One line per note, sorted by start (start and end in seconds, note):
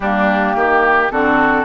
0.00 0.55 G3
0.00 1.11 A#3
0.00 0.56 D4
0.00 1.10 G4
0.55 1.10 D#3
0.55 1.12 G4
1.10 1.64 D3
1.10 1.64 C4
1.10 1.64 F#4
1.10 1.64 A4